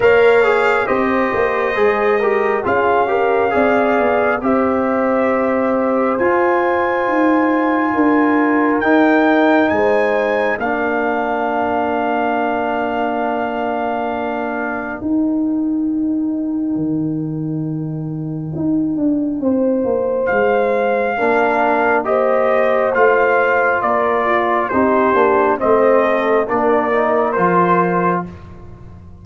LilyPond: <<
  \new Staff \with { instrumentName = "trumpet" } { \time 4/4 \tempo 4 = 68 f''4 dis''2 f''4~ | f''4 e''2 gis''4~ | gis''2 g''4 gis''4 | f''1~ |
f''4 g''2.~ | g''2. f''4~ | f''4 dis''4 f''4 d''4 | c''4 dis''4 d''4 c''4 | }
  \new Staff \with { instrumentName = "horn" } { \time 4/4 cis''4 c''4. ais'8 gis'8 ais'8 | d''4 c''2.~ | c''4 ais'2 c''4 | ais'1~ |
ais'1~ | ais'2 c''2 | ais'4 c''2 ais'8 f'8 | g'4 c''8 a'8 ais'2 | }
  \new Staff \with { instrumentName = "trombone" } { \time 4/4 ais'8 gis'8 g'4 gis'8 g'8 f'8 g'8 | gis'4 g'2 f'4~ | f'2 dis'2 | d'1~ |
d'4 dis'2.~ | dis'1 | d'4 g'4 f'2 | dis'8 d'8 c'4 d'8 dis'8 f'4 | }
  \new Staff \with { instrumentName = "tuba" } { \time 4/4 ais4 c'8 ais8 gis4 cis'4 | c'8 b8 c'2 f'4 | dis'4 d'4 dis'4 gis4 | ais1~ |
ais4 dis'2 dis4~ | dis4 dis'8 d'8 c'8 ais8 gis4 | ais2 a4 ais4 | c'8 ais8 a4 ais4 f4 | }
>>